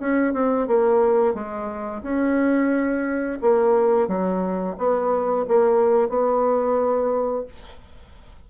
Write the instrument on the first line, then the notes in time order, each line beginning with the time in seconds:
bassoon
0.00 C#4
0.34 C4
0.68 A#3
1.35 G#3
2.03 C#4
3.42 A#3
4.08 F#3
4.78 B3
5.49 A#3
6.09 B3